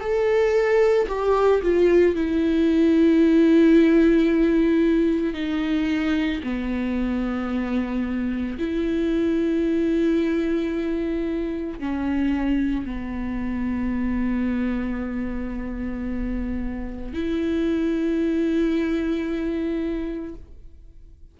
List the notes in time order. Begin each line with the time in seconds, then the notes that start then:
0.00 A4
1.08 G4
1.62 F4
2.15 E4
5.34 D#4
6.43 B3
8.58 E4
11.79 C#4
12.85 B3
17.13 E4